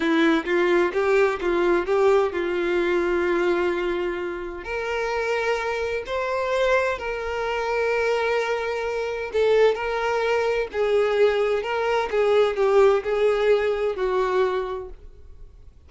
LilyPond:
\new Staff \with { instrumentName = "violin" } { \time 4/4 \tempo 4 = 129 e'4 f'4 g'4 f'4 | g'4 f'2.~ | f'2 ais'2~ | ais'4 c''2 ais'4~ |
ais'1 | a'4 ais'2 gis'4~ | gis'4 ais'4 gis'4 g'4 | gis'2 fis'2 | }